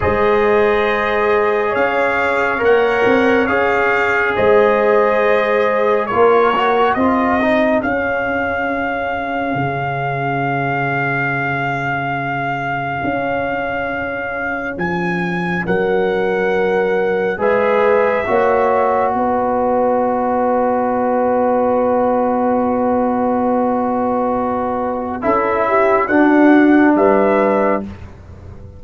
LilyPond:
<<
  \new Staff \with { instrumentName = "trumpet" } { \time 4/4 \tempo 4 = 69 dis''2 f''4 fis''4 | f''4 dis''2 cis''4 | dis''4 f''2.~ | f''1~ |
f''4 gis''4 fis''2 | e''2 dis''2~ | dis''1~ | dis''4 e''4 fis''4 e''4 | }
  \new Staff \with { instrumentName = "horn" } { \time 4/4 c''2 cis''2~ | cis''4 c''2 ais'4 | gis'1~ | gis'1~ |
gis'2 ais'2 | b'4 cis''4 b'2~ | b'1~ | b'4 a'8 g'8 fis'4 b'4 | }
  \new Staff \with { instrumentName = "trombone" } { \time 4/4 gis'2. ais'4 | gis'2. f'8 fis'8 | f'8 dis'8 cis'2.~ | cis'1~ |
cis'1 | gis'4 fis'2.~ | fis'1~ | fis'4 e'4 d'2 | }
  \new Staff \with { instrumentName = "tuba" } { \time 4/4 gis2 cis'4 ais8 c'8 | cis'4 gis2 ais4 | c'4 cis'2 cis4~ | cis2. cis'4~ |
cis'4 f4 fis2 | gis4 ais4 b2~ | b1~ | b4 cis'4 d'4 g4 | }
>>